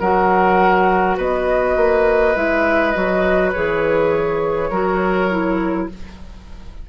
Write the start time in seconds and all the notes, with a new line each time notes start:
0.00 F#3 F#4 A#4 F#5
1.17 B3 B4 D#5
1.76 A#3
2.36 G#3 E4 E5
2.91 F#3 F#4 D#5
3.52 E3 G#4 C#5
4.70 F#3 F#4 A#4
5.30 E4